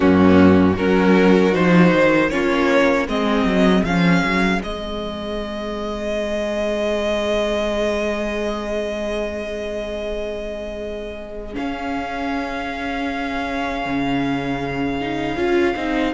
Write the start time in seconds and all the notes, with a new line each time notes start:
0.00 F#2 A#3 C#4 F#4
0.75 F#3 C#4 F#4 A#4
1.52 F3 D#4 C5
1.92 D#3
2.30 A#3 C#4 F4 C#5
3.08 G#3 C4 G#4 D#5
3.44 F#3
3.83 F3 C#4 F5
4.22 F#3
4.61 G#3 C4 D#5
11.53 C#4 F5
13.85 C#3
15.00 D#4
15.36 C#4 F4
15.75 C4 D#4